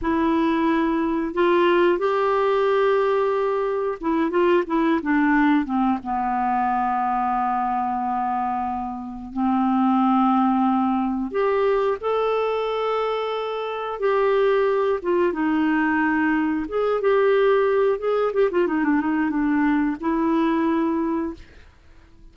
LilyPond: \new Staff \with { instrumentName = "clarinet" } { \time 4/4 \tempo 4 = 90 e'2 f'4 g'4~ | g'2 e'8 f'8 e'8 d'8~ | d'8 c'8 b2.~ | b2 c'2~ |
c'4 g'4 a'2~ | a'4 g'4. f'8 dis'4~ | dis'4 gis'8 g'4. gis'8 g'16 f'16 | dis'16 d'16 dis'8 d'4 e'2 | }